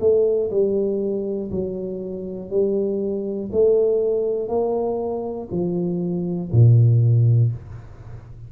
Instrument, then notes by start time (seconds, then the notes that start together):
tuba
0.00 A3
0.50 G3
1.50 F#3
2.50 G3
3.51 A3
4.48 A#3
5.51 F3
6.52 A#2